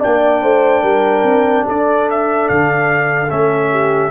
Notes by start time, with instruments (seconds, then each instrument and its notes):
0.00 tuba A#3, trombone D4, horn D5, trumpet G5
0.42 tuba A3, horn C5
0.83 tuba G3, horn A#4
1.23 tuba C4
1.65 tuba D4, horn A4, trumpet D5
2.10 trumpet E5
2.49 tuba D3, trumpet F5
3.30 tuba A3, trombone C#4, trumpet E5
3.72 horn G4